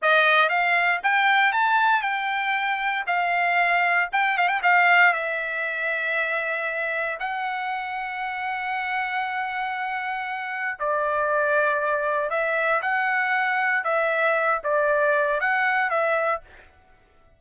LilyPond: \new Staff \with { instrumentName = "trumpet" } { \time 4/4 \tempo 4 = 117 dis''4 f''4 g''4 a''4 | g''2 f''2 | g''8 f''16 g''16 f''4 e''2~ | e''2 fis''2~ |
fis''1~ | fis''4 d''2. | e''4 fis''2 e''4~ | e''8 d''4. fis''4 e''4 | }